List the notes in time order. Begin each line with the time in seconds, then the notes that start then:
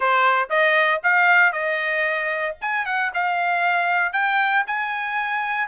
0.00 C5
0.49 D#5
1.03 F5
1.52 D#5
2.61 G#5
2.85 F#5
3.13 F5
4.12 G5
4.66 G#5